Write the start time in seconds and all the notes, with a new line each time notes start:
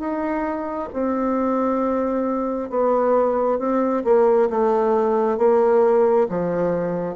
0.00 D#4
0.94 C4
2.70 B3
3.59 C4
4.05 A#3
4.50 A3
5.39 A#3
6.29 F3